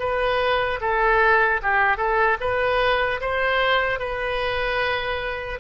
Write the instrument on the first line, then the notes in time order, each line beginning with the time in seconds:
oboe
0.00 B4
0.81 A4
1.63 G4
1.97 A4
2.41 B4
3.21 C5
3.99 B4